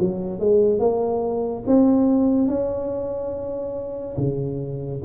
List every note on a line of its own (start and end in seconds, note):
0.00 0.40 F#3
0.40 0.80 G#3
0.80 1.64 A#3
1.67 2.48 C4
2.48 4.17 C#4
4.18 5.02 C#3